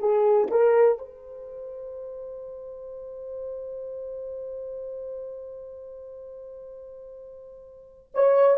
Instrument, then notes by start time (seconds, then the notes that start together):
horn
0.00 G#4
0.51 A#4
0.98 C5
8.15 C#5